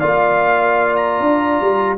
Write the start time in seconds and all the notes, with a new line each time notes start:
0.00 A#3 F4 D5 F5
0.97 A#5
1.21 D4
1.61 G3